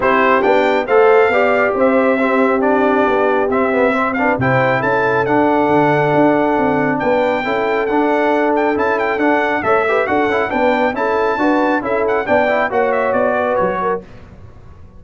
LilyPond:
<<
  \new Staff \with { instrumentName = "trumpet" } { \time 4/4 \tempo 4 = 137 c''4 g''4 f''2 | e''2 d''2 | e''4. f''8 g''4 a''4 | fis''1 |
g''2 fis''4. g''8 | a''8 g''8 fis''4 e''4 fis''4 | g''4 a''2 e''8 fis''8 | g''4 fis''8 e''8 d''4 cis''4 | }
  \new Staff \with { instrumentName = "horn" } { \time 4/4 g'2 c''4 d''4 | c''4 g'2.~ | g'4 c''8 b'8 c''4 a'4~ | a'1 |
b'4 a'2.~ | a'2 cis''8 b'8 a'4 | b'4 a'4 b'4 a'4 | d''4 cis''4. b'4 ais'8 | }
  \new Staff \with { instrumentName = "trombone" } { \time 4/4 e'4 d'4 a'4 g'4~ | g'4 c'4 d'2 | c'8 b8 c'8 d'8 e'2 | d'1~ |
d'4 e'4 d'2 | e'4 d'4 a'8 g'8 fis'8 e'8 | d'4 e'4 fis'4 e'4 | d'8 e'8 fis'2. | }
  \new Staff \with { instrumentName = "tuba" } { \time 4/4 c'4 b4 a4 b4 | c'2. b4 | c'2 c4 cis'4 | d'4 d4 d'4 c'4 |
b4 cis'4 d'2 | cis'4 d'4 a4 d'8 cis'8 | b4 cis'4 d'4 cis'4 | b4 ais4 b4 fis4 | }
>>